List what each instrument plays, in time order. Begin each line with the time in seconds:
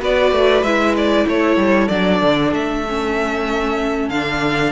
0.00 cello B3, viola F#4, violin B4 D5
0.31 cello A3
0.62 cello G#3, viola E4, violin E5
0.96 violin D5
1.26 cello A3, violin A4 C#5
1.56 cello G3
1.88 cello F#3, viola D4, violin D5
2.21 cello D3
2.52 cello A3, violin E5
2.88 viola C#4
4.09 cello D3, viola D4, violin F5